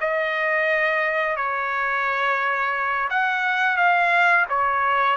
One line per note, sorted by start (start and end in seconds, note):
0.00 1.36 D#5
1.36 3.08 C#5
3.10 3.76 F#5
3.76 4.45 F5
4.49 5.16 C#5